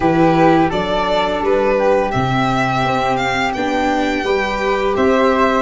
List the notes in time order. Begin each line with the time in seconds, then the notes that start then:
0.00 E3 E4 G4 B4
0.69 F#3 D4 A4 D5
1.41 G3 B4
1.78 G4
2.11 C3 C4 E5
2.83 C4
3.16 F5
3.53 B3 D4 G5
4.23 G3 G4 B4
4.96 C4 C5 E5